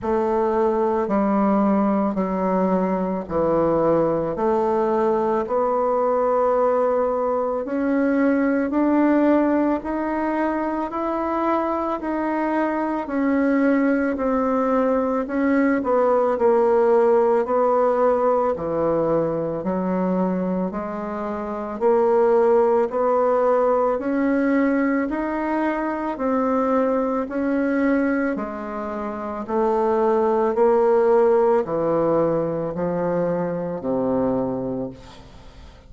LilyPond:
\new Staff \with { instrumentName = "bassoon" } { \time 4/4 \tempo 4 = 55 a4 g4 fis4 e4 | a4 b2 cis'4 | d'4 dis'4 e'4 dis'4 | cis'4 c'4 cis'8 b8 ais4 |
b4 e4 fis4 gis4 | ais4 b4 cis'4 dis'4 | c'4 cis'4 gis4 a4 | ais4 e4 f4 c4 | }